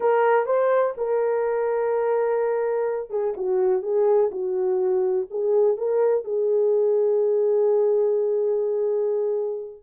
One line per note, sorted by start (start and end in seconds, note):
0.00 0.46 A#4
0.46 0.94 C5
0.97 3.10 A#4
3.10 3.34 G#4
3.36 3.82 F#4
3.82 4.30 G#4
4.31 5.27 F#4
5.30 5.77 G#4
5.77 6.24 A#4
6.24 9.82 G#4